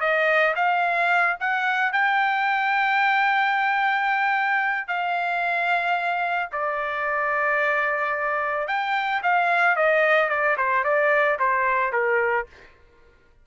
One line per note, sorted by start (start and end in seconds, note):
0.00 0.54 D#5
0.56 1.37 F5
1.40 1.92 F#5
1.92 4.87 G5
4.87 6.49 F5
6.52 8.68 D5
8.68 9.22 G5
9.23 9.76 F5
9.76 10.29 D#5
10.29 10.56 D5
10.57 10.84 C5
10.84 11.38 D5
11.39 11.92 C5
11.92 12.46 A#4